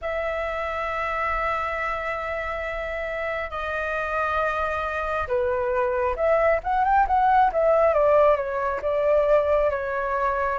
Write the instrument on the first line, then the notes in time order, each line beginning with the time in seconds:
flute
0.01 E5
3.50 D#5
5.27 B4
6.15 E5
6.63 F#5
6.84 G5
7.07 F#5
7.52 E5
7.93 D5
8.36 C#5
8.82 D5
9.70 C#5